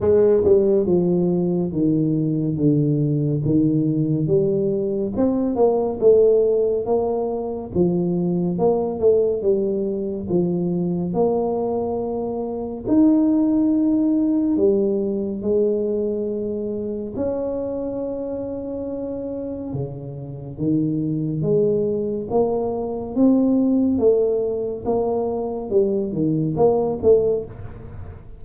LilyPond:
\new Staff \with { instrumentName = "tuba" } { \time 4/4 \tempo 4 = 70 gis8 g8 f4 dis4 d4 | dis4 g4 c'8 ais8 a4 | ais4 f4 ais8 a8 g4 | f4 ais2 dis'4~ |
dis'4 g4 gis2 | cis'2. cis4 | dis4 gis4 ais4 c'4 | a4 ais4 g8 dis8 ais8 a8 | }